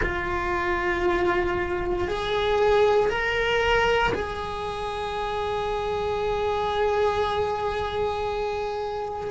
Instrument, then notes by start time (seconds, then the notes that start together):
cello
0.02 F4
2.07 G#4
3.09 A#4
4.14 G#4